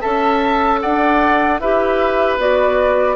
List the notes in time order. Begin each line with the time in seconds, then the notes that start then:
0.00 C#4 A4 E5 A5
0.80 D4 D5 F#5
1.59 E4 G4 B4 E5
2.38 B3 F#4 D5